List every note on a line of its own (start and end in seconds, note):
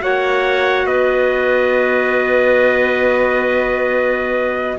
0.00 0.86 A#3
0.00 4.78 F#4
0.00 0.86 C#5
0.00 0.87 F#5
0.86 4.77 B3
0.86 4.77 B4
0.86 4.78 D#5